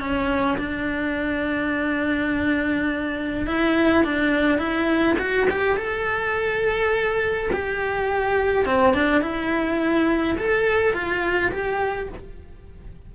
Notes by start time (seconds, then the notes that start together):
0.00 C#4
0.58 D4
3.47 E4
4.04 D4
4.58 E4
5.18 F#4
5.50 G4
5.77 A4
7.53 G4
8.65 C4
8.94 D4
9.22 E4
10.38 A4
10.94 F4
11.52 G4